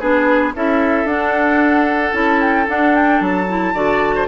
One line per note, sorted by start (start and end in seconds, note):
0.00 0.55 B3
0.00 0.54 D4
0.00 0.54 G#4
0.00 0.54 B4
0.55 1.05 C#4
0.55 1.07 E4
0.55 3.75 A4
0.55 1.08 E5
1.05 2.12 D4
1.05 2.14 F#5
2.12 2.67 C#4
2.12 2.66 E4
2.12 2.40 A5
2.41 2.68 G5
2.67 3.47 D4
2.67 3.21 D4
2.67 2.96 F#5
2.96 3.22 G5
3.21 3.74 F#3
3.21 4.28 A5
3.48 3.74 E4
3.74 4.28 D3
3.74 4.28 F#4
3.74 4.15 D5
4.15 4.28 C5